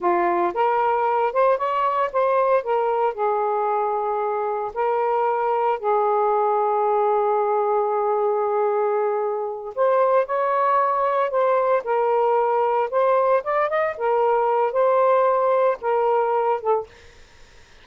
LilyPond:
\new Staff \with { instrumentName = "saxophone" } { \time 4/4 \tempo 4 = 114 f'4 ais'4. c''8 cis''4 | c''4 ais'4 gis'2~ | gis'4 ais'2 gis'4~ | gis'1~ |
gis'2~ gis'8 c''4 cis''8~ | cis''4. c''4 ais'4.~ | ais'8 c''4 d''8 dis''8 ais'4. | c''2 ais'4. a'8 | }